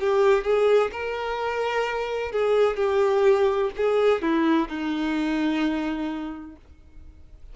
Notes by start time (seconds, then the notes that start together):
0.00 G4
0.44 G#4
0.92 A#4
2.32 G#4
2.76 G4
3.77 G#4
4.22 E4
4.68 D#4